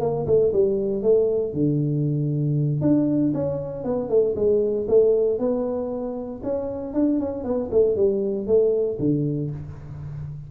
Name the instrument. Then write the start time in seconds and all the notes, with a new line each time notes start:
tuba
0.00 A#3
0.26 A3
0.52 G3
1.02 A3
1.53 D3
2.81 D4
3.34 C#4
3.84 B3
4.09 A3
4.35 G#3
4.88 A3
5.38 B3
6.43 C#4
6.93 D4
7.19 C#4
7.44 B3
7.71 A3
7.96 G3
8.47 A3
8.99 D3